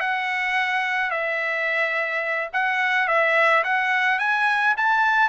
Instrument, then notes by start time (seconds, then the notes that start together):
trumpet
0.00 F#5
1.11 E5
2.53 F#5
3.08 E5
3.64 F#5
4.19 G#5
4.77 A5